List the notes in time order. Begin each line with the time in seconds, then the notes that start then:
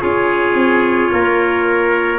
0.00 C#4 F4 G#4 C#5
0.54 C4
1.12 A#3 A#4